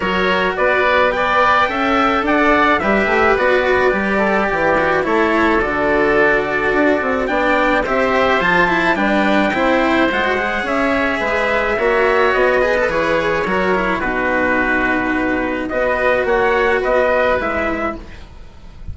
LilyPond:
<<
  \new Staff \with { instrumentName = "trumpet" } { \time 4/4 \tempo 4 = 107 cis''4 d''4 g''2 | fis''4 e''4 d''2~ | d''4 cis''4 d''2~ | d''4 g''4 e''4 a''4 |
g''2 fis''4 e''4~ | e''2 dis''4 cis''4~ | cis''4 b'2. | dis''4 fis''4 dis''4 e''4 | }
  \new Staff \with { instrumentName = "oboe" } { \time 4/4 ais'4 b'4 d''4 e''4 | d''4 b'2~ b'8 a'8 | g'4 a'2.~ | a'4 d''4 c''2 |
b'4 c''2 cis''4 | b'4 cis''4. b'4. | ais'4 fis'2. | b'4 cis''4 b'2 | }
  \new Staff \with { instrumentName = "cello" } { \time 4/4 fis'2 b'4 a'4~ | a'4 g'4 fis'4 g'4~ | g'8 fis'8 e'4 fis'2~ | fis'4 d'4 g'4 f'8 e'8 |
d'4 e'4 f'16 fis'16 gis'4.~ | gis'4 fis'4. gis'16 a'16 gis'4 | fis'8 e'8 dis'2. | fis'2. e'4 | }
  \new Staff \with { instrumentName = "bassoon" } { \time 4/4 fis4 b2 cis'4 | d'4 g8 a8 b4 g4 | e4 a4 d2 | d'8 c'8 b4 c'4 f4 |
g4 c'4 gis4 cis'4 | gis4 ais4 b4 e4 | fis4 b,2. | b4 ais4 b4 gis4 | }
>>